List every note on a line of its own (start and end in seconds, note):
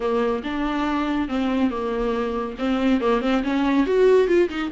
0.00 0.42 A#3
0.43 1.28 D4
1.28 1.70 C4
1.70 2.56 A#3
2.58 3.00 C4
3.00 3.21 A#3
3.21 3.42 C4
3.43 3.86 C#4
3.86 4.27 F#4
4.27 4.49 F4
4.49 4.70 D#4